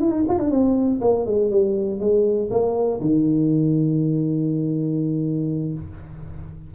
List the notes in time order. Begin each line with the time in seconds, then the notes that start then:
0.00 E4
0.11 D#4
0.28 F4
0.39 D4
0.51 C4
1.01 A#3
1.26 G#3
1.50 G3
2.00 G#3
2.50 A#3
3.00 D#3